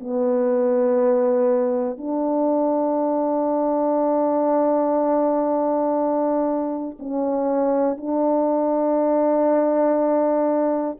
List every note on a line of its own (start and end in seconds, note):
0.00 1.97 B3
1.97 6.97 D4
6.99 7.97 C#4
7.97 10.97 D4